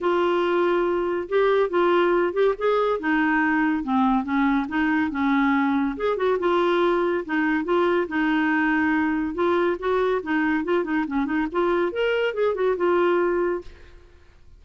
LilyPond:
\new Staff \with { instrumentName = "clarinet" } { \time 4/4 \tempo 4 = 141 f'2. g'4 | f'4. g'8 gis'4 dis'4~ | dis'4 c'4 cis'4 dis'4 | cis'2 gis'8 fis'8 f'4~ |
f'4 dis'4 f'4 dis'4~ | dis'2 f'4 fis'4 | dis'4 f'8 dis'8 cis'8 dis'8 f'4 | ais'4 gis'8 fis'8 f'2 | }